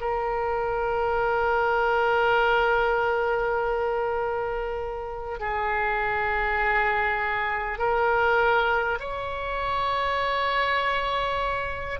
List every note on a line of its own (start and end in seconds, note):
0.00 5.39 A#4
5.39 7.78 G#4
7.78 8.98 A#4
8.99 11.99 C#5